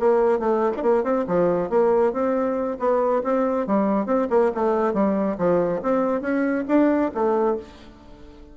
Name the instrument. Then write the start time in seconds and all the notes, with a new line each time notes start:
bassoon
0.00 A#3
0.40 A3
0.77 A#3 D4
1.04 C4
1.28 F3
1.70 A#3
2.13 C4
2.80 B3
3.24 C4
3.67 G3
4.07 C4
4.30 A#3
4.55 A3
4.94 G3
5.39 F3
5.83 C4
6.22 C#4
6.68 D4
7.15 A3